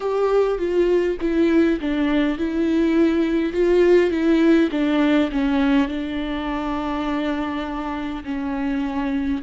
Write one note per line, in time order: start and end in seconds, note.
0.00 0.58 G4
0.58 1.17 F4
1.20 1.79 E4
1.80 2.38 D4
2.38 3.52 E4
3.52 4.10 F4
4.10 4.69 E4
4.71 5.29 D4
5.31 5.88 C#4
5.88 8.23 D4
8.24 9.42 C#4